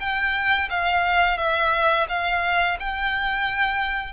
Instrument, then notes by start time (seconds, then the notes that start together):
violin
0.00 G5
0.70 F5
1.38 E5
2.09 F5
2.80 G5